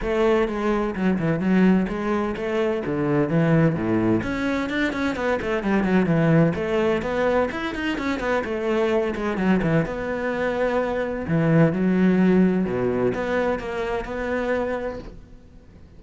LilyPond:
\new Staff \with { instrumentName = "cello" } { \time 4/4 \tempo 4 = 128 a4 gis4 fis8 e8 fis4 | gis4 a4 d4 e4 | a,4 cis'4 d'8 cis'8 b8 a8 | g8 fis8 e4 a4 b4 |
e'8 dis'8 cis'8 b8 a4. gis8 | fis8 e8 b2. | e4 fis2 b,4 | b4 ais4 b2 | }